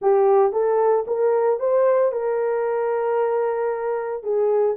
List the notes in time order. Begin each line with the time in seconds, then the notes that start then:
0.01 G4
0.52 A4
1.07 A#4
1.59 C5
2.11 A#4
4.23 G#4